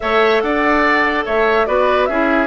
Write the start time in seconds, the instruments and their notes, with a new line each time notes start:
0.00 bassoon A3, clarinet A4, oboe C#5, flute E5
0.41 bassoon D4, oboe D5, flute F#5
1.25 bassoon A3, oboe C#5, flute E5
1.66 bassoon B3, clarinet F#4, oboe B4, flute D5
2.05 bassoon C#4, clarinet E4, oboe G#4, flute E5